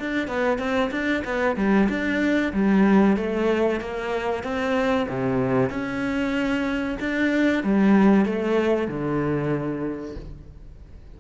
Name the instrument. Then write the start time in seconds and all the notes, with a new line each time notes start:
cello
0.00 D4
0.28 B3
0.59 C4
0.91 D4
1.25 B3
1.56 G3
1.89 D4
2.53 G3
3.17 A3
3.81 A#3
4.43 C4
5.09 C3
5.70 C#4
7.00 D4
7.64 G3
8.25 A3
8.88 D3